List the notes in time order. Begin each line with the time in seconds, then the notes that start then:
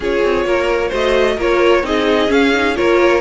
0.00 C#4 F4 G#4 C#5
0.23 C4
0.45 A#3 A#4
0.88 A3 F#4 C5 D#5
1.37 A#3 F4 A#4 C#5
1.83 C4 D#4 G#4 D#5
2.28 C#4 F5
2.53 D#4
2.74 A#3 F4 A#4 C#5